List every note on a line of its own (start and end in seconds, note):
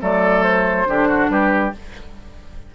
0.00 0.87 F#3
0.00 0.86 A3
0.00 0.88 A4
0.00 0.43 D5
0.43 1.29 C5
0.86 1.29 D3
0.86 1.72 D4
0.86 1.08 G4
1.08 1.29 F#4
1.29 1.72 G3
1.29 1.75 G4
1.29 1.73 B4